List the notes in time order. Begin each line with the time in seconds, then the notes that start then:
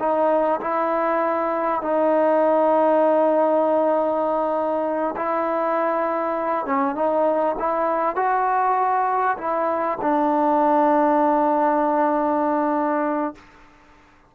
0.00 D#4
0.61 E4
1.82 D#4
5.17 E4
6.66 C#4
6.96 D#4
7.60 E4
8.17 F#4
9.38 E4
10.02 D4